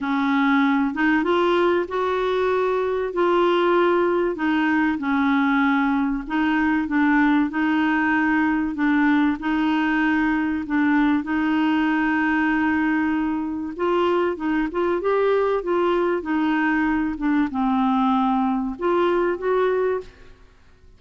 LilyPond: \new Staff \with { instrumentName = "clarinet" } { \time 4/4 \tempo 4 = 96 cis'4. dis'8 f'4 fis'4~ | fis'4 f'2 dis'4 | cis'2 dis'4 d'4 | dis'2 d'4 dis'4~ |
dis'4 d'4 dis'2~ | dis'2 f'4 dis'8 f'8 | g'4 f'4 dis'4. d'8 | c'2 f'4 fis'4 | }